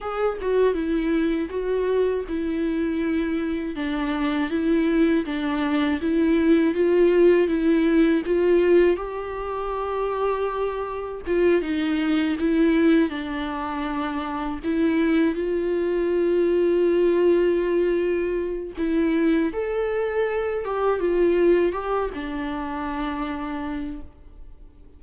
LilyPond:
\new Staff \with { instrumentName = "viola" } { \time 4/4 \tempo 4 = 80 gis'8 fis'8 e'4 fis'4 e'4~ | e'4 d'4 e'4 d'4 | e'4 f'4 e'4 f'4 | g'2. f'8 dis'8~ |
dis'8 e'4 d'2 e'8~ | e'8 f'2.~ f'8~ | f'4 e'4 a'4. g'8 | f'4 g'8 d'2~ d'8 | }